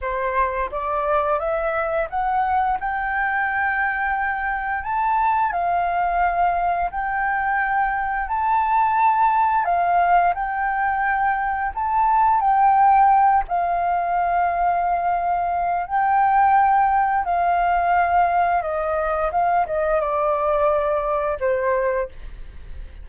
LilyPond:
\new Staff \with { instrumentName = "flute" } { \time 4/4 \tempo 4 = 87 c''4 d''4 e''4 fis''4 | g''2. a''4 | f''2 g''2 | a''2 f''4 g''4~ |
g''4 a''4 g''4. f''8~ | f''2. g''4~ | g''4 f''2 dis''4 | f''8 dis''8 d''2 c''4 | }